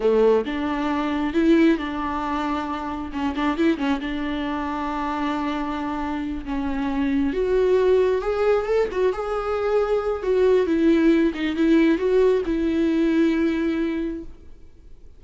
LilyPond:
\new Staff \with { instrumentName = "viola" } { \time 4/4 \tempo 4 = 135 a4 d'2 e'4 | d'2. cis'8 d'8 | e'8 cis'8 d'2.~ | d'2~ d'8 cis'4.~ |
cis'8 fis'2 gis'4 a'8 | fis'8 gis'2~ gis'8 fis'4 | e'4. dis'8 e'4 fis'4 | e'1 | }